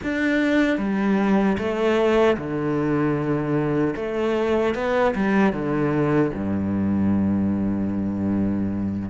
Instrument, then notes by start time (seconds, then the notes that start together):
cello
0.03 D4
0.78 G3
1.58 A3
2.37 D3
3.96 A3
4.74 B3
5.15 G3
5.52 D3
6.33 G2